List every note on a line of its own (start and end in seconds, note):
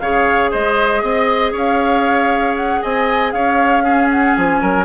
0.00 0.53 C#3
0.00 3.87 G#4
0.00 0.52 C#5
0.00 0.51 F5
0.52 1.03 G#3
0.52 1.03 C5
0.52 1.54 D#5
1.03 1.53 C4
1.03 1.53 D#5
1.53 2.82 C#4
1.53 2.81 C#5
1.53 2.57 F5
2.57 2.83 F#5
2.82 3.34 C4
2.82 3.34 D#5
2.82 3.32 G#5
3.32 4.36 C#4
3.32 3.84 C#5
3.32 4.09 F5
3.84 4.86 C#4
3.84 4.61 G#4
4.11 4.36 F#5
4.36 4.62 F3
4.36 4.86 G#5
4.62 4.86 F#3
4.62 4.86 A#4